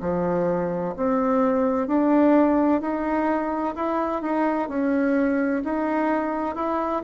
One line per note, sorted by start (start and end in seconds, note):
0.00 0.94 F3
0.96 1.87 C4
1.87 2.80 D4
2.80 3.74 D#4
3.75 4.21 E4
4.21 4.68 D#4
4.68 5.62 C#4
5.64 6.55 D#4
6.55 7.02 E4